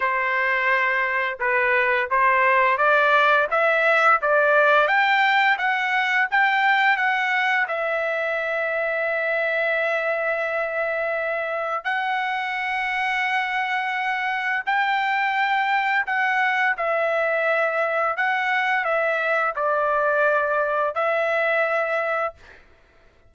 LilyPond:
\new Staff \with { instrumentName = "trumpet" } { \time 4/4 \tempo 4 = 86 c''2 b'4 c''4 | d''4 e''4 d''4 g''4 | fis''4 g''4 fis''4 e''4~ | e''1~ |
e''4 fis''2.~ | fis''4 g''2 fis''4 | e''2 fis''4 e''4 | d''2 e''2 | }